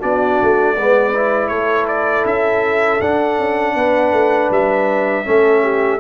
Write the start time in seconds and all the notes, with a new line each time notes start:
0.00 B3 D4 F#4 D5
0.43 A3
0.77 G#3 B3 B4
1.14 E4
1.48 A3 A4 C#5
1.88 D5
2.26 C#4 E5
3.01 D4 F#5
3.39 C#4
3.75 B3 B4
4.12 A3
4.51 G3 E5
5.25 A3 C#4 A4
5.63 G4